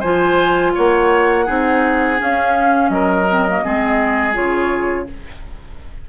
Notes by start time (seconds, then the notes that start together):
0.00 F3 F4 C5 G#5
0.75 A#3 C#5 F#5
1.46 C4 D#4 G#4
2.18 C#4 F5
2.90 F#3 A#4 D#5
3.30 C4
3.49 A#3
3.65 G#3 C4 G#4
4.34 C#3 F4 C#5